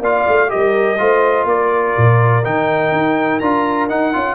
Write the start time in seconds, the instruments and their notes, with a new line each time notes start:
0.00 tuba A#3, trombone F4, horn D5, trumpet F5
0.28 tuba A3
0.48 trombone G4, horn A#4, trumpet D#5
0.55 tuba G3
0.98 tuba A3, trombone F4, horn C5
1.45 tuba A#3, horn A#4, trumpet D5
1.97 tuba A#2
2.44 tuba D#3, trombone D#4, trumpet G5
2.92 tuba D#4
3.39 tuba D4, trombone F4, trumpet A#5
3.89 trombone D#4, tuba D#4, trumpet F#5
4.13 tuba C#4, trombone F4